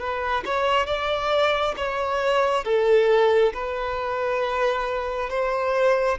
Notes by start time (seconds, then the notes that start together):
0.00 B4
0.46 C#5
0.87 D5
1.77 C#5
2.65 A4
3.54 B4
5.30 C5